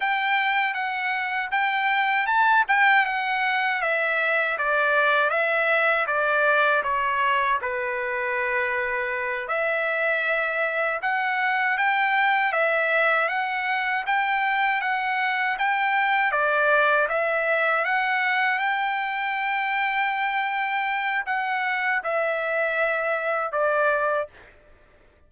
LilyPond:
\new Staff \with { instrumentName = "trumpet" } { \time 4/4 \tempo 4 = 79 g''4 fis''4 g''4 a''8 g''8 | fis''4 e''4 d''4 e''4 | d''4 cis''4 b'2~ | b'8 e''2 fis''4 g''8~ |
g''8 e''4 fis''4 g''4 fis''8~ | fis''8 g''4 d''4 e''4 fis''8~ | fis''8 g''2.~ g''8 | fis''4 e''2 d''4 | }